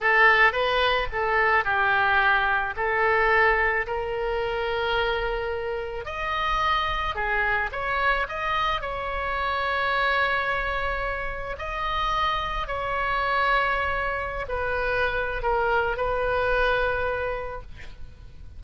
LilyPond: \new Staff \with { instrumentName = "oboe" } { \time 4/4 \tempo 4 = 109 a'4 b'4 a'4 g'4~ | g'4 a'2 ais'4~ | ais'2. dis''4~ | dis''4 gis'4 cis''4 dis''4 |
cis''1~ | cis''4 dis''2 cis''4~ | cis''2~ cis''16 b'4.~ b'16 | ais'4 b'2. | }